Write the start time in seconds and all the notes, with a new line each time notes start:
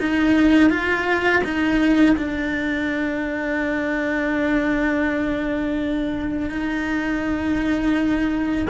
0.00 D#4
0.70 F4
1.44 D#4
2.17 D4
6.50 D#4